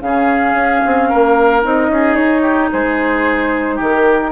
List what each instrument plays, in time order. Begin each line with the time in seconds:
0.00 bassoon C#3, clarinet C#4, oboe G#4, flute F5
0.53 bassoon C#4
0.85 bassoon C4
1.09 bassoon A#3, oboe A#4
1.62 bassoon C4, clarinet D#4, flute D#5
1.88 bassoon C#4, oboe G#4
2.15 bassoon D#4, flute C#5
2.42 oboe G4
2.72 bassoon G#3, oboe G#4, flute C5
3.75 bassoon D#3, oboe G4
3.82 flute A#4